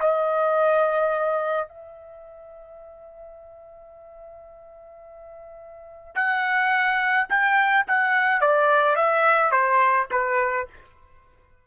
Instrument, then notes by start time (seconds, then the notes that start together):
trumpet
0.00 D#5
1.68 E5
6.15 F#5
7.29 G5
7.87 F#5
8.41 D5
8.96 E5
9.51 C5
10.11 B4